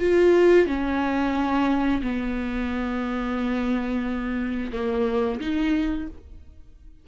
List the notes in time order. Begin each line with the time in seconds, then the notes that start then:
0.00 F4
0.67 C#4
2.02 B3
4.72 A#3
5.40 D#4